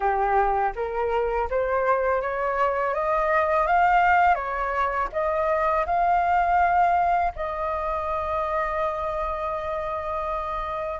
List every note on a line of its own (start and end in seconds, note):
0.00 0.73 G4
0.75 1.48 A#4
1.50 2.22 C5
2.22 2.94 C#5
2.94 3.66 D#5
3.66 4.34 F5
4.34 5.08 C#5
5.12 5.85 D#5
5.86 7.32 F5
7.35 11.00 D#5